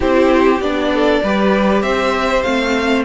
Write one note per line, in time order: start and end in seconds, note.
0.00 0.59 C4
0.00 0.61 E4
0.00 0.90 G4
0.00 0.61 C5
0.59 1.21 B3
0.59 1.23 D4
0.59 1.82 D5
0.93 1.23 A4
1.23 1.82 G3
1.23 2.45 G4
1.23 1.82 B4
1.82 2.43 C4
1.82 3.05 C5
1.82 2.42 E5
2.42 3.05 A3
2.42 3.05 C4
2.42 3.03 F5